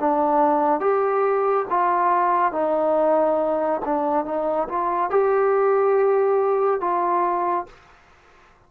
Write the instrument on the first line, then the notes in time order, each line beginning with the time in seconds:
trombone
0.00 D4
0.81 G4
1.70 F4
2.53 D#4
3.85 D4
4.25 D#4
4.69 F4
5.11 G4
6.81 F4